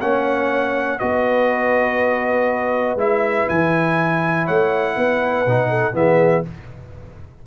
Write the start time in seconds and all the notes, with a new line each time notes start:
0.00 A#3 C#4 C#5 F#5
0.99 B3 F#4 B4 D#5
2.96 G#3 E4 E5
3.49 E3 G#5
4.44 A3 C#5 F#5
4.96 B3 B4
5.46 B2 D#4
5.69 A4
5.93 E3 B3 G#4 E5